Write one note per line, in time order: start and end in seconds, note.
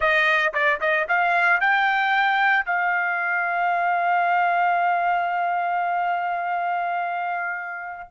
0.00 0.53 D#5
0.53 0.80 D5
0.80 1.06 D#5
1.08 1.60 F5
1.60 2.65 G5
2.65 8.10 F5